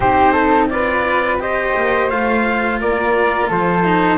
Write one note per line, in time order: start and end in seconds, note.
0.00 1.74 C4
0.00 0.69 D#4
0.00 0.32 G4
0.00 0.67 C5
0.32 0.67 A4
0.69 1.39 F4
0.69 1.41 B4
0.69 1.39 D5
1.39 2.09 G4
1.39 2.81 C5
1.39 2.10 D#5
1.76 2.11 A#3
2.09 2.80 A3
2.09 3.83 F4
2.09 2.80 F5
2.80 3.49 A#3
2.80 3.48 A#4
2.80 3.50 D5
3.48 4.18 F3
3.48 4.18 A4
3.48 4.18 C5
3.83 4.18 D#4